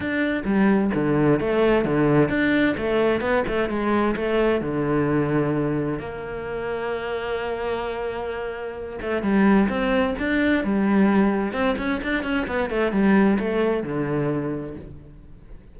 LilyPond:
\new Staff \with { instrumentName = "cello" } { \time 4/4 \tempo 4 = 130 d'4 g4 d4 a4 | d4 d'4 a4 b8 a8 | gis4 a4 d2~ | d4 ais2.~ |
ais2.~ ais8 a8 | g4 c'4 d'4 g4~ | g4 c'8 cis'8 d'8 cis'8 b8 a8 | g4 a4 d2 | }